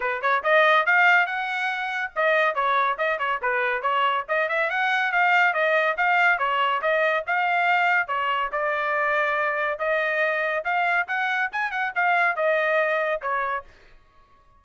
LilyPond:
\new Staff \with { instrumentName = "trumpet" } { \time 4/4 \tempo 4 = 141 b'8 cis''8 dis''4 f''4 fis''4~ | fis''4 dis''4 cis''4 dis''8 cis''8 | b'4 cis''4 dis''8 e''8 fis''4 | f''4 dis''4 f''4 cis''4 |
dis''4 f''2 cis''4 | d''2. dis''4~ | dis''4 f''4 fis''4 gis''8 fis''8 | f''4 dis''2 cis''4 | }